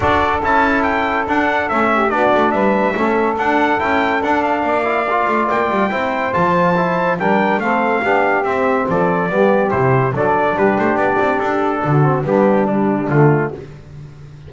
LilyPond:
<<
  \new Staff \with { instrumentName = "trumpet" } { \time 4/4 \tempo 4 = 142 d''4 a''4 g''4 fis''4 | e''4 d''4 e''2 | fis''4 g''4 fis''8 f''4.~ | f''4 g''2 a''4~ |
a''4 g''4 f''2 | e''4 d''2 c''4 | d''4 b'8 c''8 d''4 a'4~ | a'4 g'4 d'4 f'4 | }
  \new Staff \with { instrumentName = "saxophone" } { \time 4/4 a'1~ | a'8 g'8 fis'4 b'4 a'4~ | a'2. d''4~ | d''2 c''2~ |
c''4 ais'4 a'4 g'4~ | g'4 a'4 g'2 | a'4 g'2. | fis'4 d'2. | }
  \new Staff \with { instrumentName = "trombone" } { \time 4/4 fis'4 e'2 d'4 | cis'4 d'2 cis'4 | d'4 e'4 d'4. e'8 | f'2 e'4 f'4 |
e'4 d'4 c'4 d'4 | c'2 b4 e'4 | d'1~ | d'8 c'8 b4 g4 a4 | }
  \new Staff \with { instrumentName = "double bass" } { \time 4/4 d'4 cis'2 d'4 | a4 b8 a8 g4 a4 | d'4 cis'4 d'4 ais4~ | ais8 a8 ais8 g8 c'4 f4~ |
f4 g4 a4 b4 | c'4 f4 g4 c4 | fis4 g8 a8 b8 c'8 d'4 | d4 g2 d4 | }
>>